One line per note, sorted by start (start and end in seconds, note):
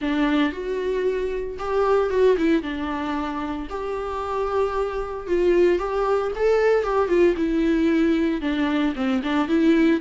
0.01 0.52 D4
0.52 1.57 F#4
1.59 2.10 G4
2.10 2.36 F#4
2.37 2.62 E4
2.62 3.67 D4
3.69 5.27 G4
5.27 5.78 F4
5.78 6.31 G4
6.35 6.83 A4
6.83 7.08 G4
7.08 7.34 F4
7.37 8.41 E4
8.41 8.93 D4
8.95 9.22 C4
9.23 9.47 D4
9.47 10.00 E4